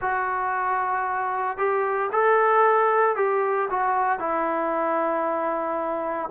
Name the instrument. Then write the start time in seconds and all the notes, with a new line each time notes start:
trombone
0.00 F#4
1.57 G4
2.11 A4
3.16 G4
3.69 F#4
4.19 E4